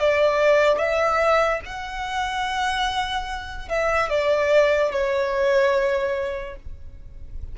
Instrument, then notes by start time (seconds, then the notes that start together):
violin
0.00 D5
0.78 E5
1.66 F#5
3.69 E5
4.09 D5
4.91 C#5